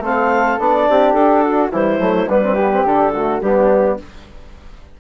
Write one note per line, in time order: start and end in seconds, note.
0.00 0.57 A3
0.00 0.59 C4
0.00 0.89 A4
0.00 0.59 F5
0.59 0.87 B3
0.59 1.72 D4
0.59 1.13 D5
0.90 1.14 C4
0.90 1.42 G4
1.13 1.71 D4
1.13 1.69 A4
1.42 1.71 F#4
1.71 1.99 E3
1.71 1.99 G3
1.71 2.28 E4
1.71 2.29 C5
1.99 2.27 F#3
1.99 2.27 A3
2.28 2.85 G3
2.28 2.43 B3
2.28 2.54 D4
2.28 2.86 B4
2.43 2.57 C4
2.54 2.72 B3
2.54 3.11 G4
2.72 2.86 C4
2.85 3.42 D3
2.85 3.14 D4
2.85 3.40 A4
3.13 3.42 A3
3.13 3.41 F#4
3.40 3.98 G3
3.40 3.99 B3
3.40 4.00 D4
3.40 3.97 G4